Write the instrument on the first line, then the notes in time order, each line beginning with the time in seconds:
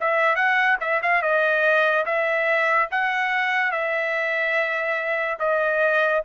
trumpet
0.00 E5
0.35 F#5
0.80 E5
1.02 F5
1.22 D#5
2.05 E5
2.91 F#5
3.71 E5
5.39 D#5